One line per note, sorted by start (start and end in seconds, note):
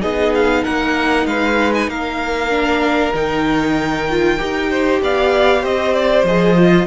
0.00 0.65 B3
0.00 2.50 D#4
0.00 0.63 G#4
0.00 0.33 D#5
0.35 0.64 F5
0.64 1.26 A#3
0.64 1.26 A#4
0.64 1.26 F#5
1.26 1.88 G#3
1.26 1.91 B4
1.26 1.73 F5
1.75 1.90 G#5
1.88 3.13 A#3
1.88 4.70 A#4
1.88 3.15 F5
2.50 3.13 D4
3.14 4.39 D#3
3.14 4.09 D#4
3.14 5.02 G5
4.10 4.38 F4
4.38 5.01 D#4
4.38 6.26 G4
4.70 5.01 C5
5.01 5.64 B3
5.01 5.61 D5
5.01 5.65 F5
5.61 6.24 C4
5.61 6.86 C5
5.61 5.95 D#5
5.95 6.26 D5
6.24 6.86 F3
6.24 6.57 G#4
6.24 6.87 D#5
6.57 6.87 F4